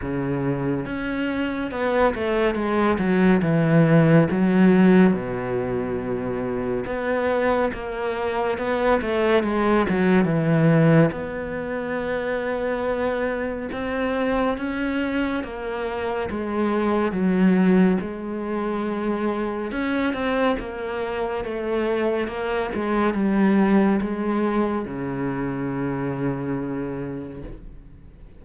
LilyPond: \new Staff \with { instrumentName = "cello" } { \time 4/4 \tempo 4 = 70 cis4 cis'4 b8 a8 gis8 fis8 | e4 fis4 b,2 | b4 ais4 b8 a8 gis8 fis8 | e4 b2. |
c'4 cis'4 ais4 gis4 | fis4 gis2 cis'8 c'8 | ais4 a4 ais8 gis8 g4 | gis4 cis2. | }